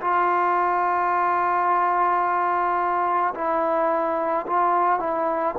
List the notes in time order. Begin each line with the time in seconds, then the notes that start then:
0.00 F4
3.34 E4
4.46 F4
4.99 E4